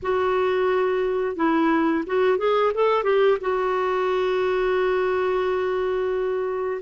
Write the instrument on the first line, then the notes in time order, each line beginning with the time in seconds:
clarinet
0.02 F#4
1.36 E4
2.06 F#4
2.38 G#4
2.74 A4
3.03 G4
3.40 F#4